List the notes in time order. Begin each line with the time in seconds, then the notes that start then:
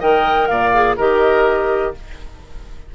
0.00 D#3 A#4 D#5 G5
0.47 A#2 D5 F5
0.73 G#4
0.97 D#3 G4 A#4 D#5